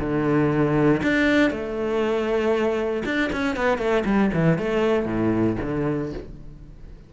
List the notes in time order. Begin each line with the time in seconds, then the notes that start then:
0.00 D3
1.03 D4
1.51 A3
3.05 D4
3.33 C#4
3.56 B3
3.78 A3
4.05 G3
4.34 E3
4.59 A3
5.06 A2
5.62 D3